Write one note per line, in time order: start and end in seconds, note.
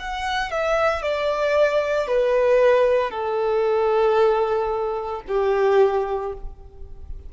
0.00 0.51 F#5
0.51 1.02 E5
1.02 2.08 D5
2.08 3.11 B4
3.11 5.22 A4
5.28 6.33 G4